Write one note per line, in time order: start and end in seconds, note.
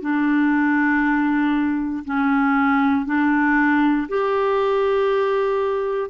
0.00 2.03 D4
2.04 3.06 C#4
3.06 4.07 D4
4.08 6.10 G4